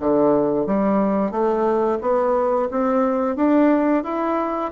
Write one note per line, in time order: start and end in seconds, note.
0.00 0.66 D3
0.66 1.31 G3
1.31 1.98 A3
2.01 2.69 B3
2.71 3.36 C4
3.36 4.03 D4
4.04 4.71 E4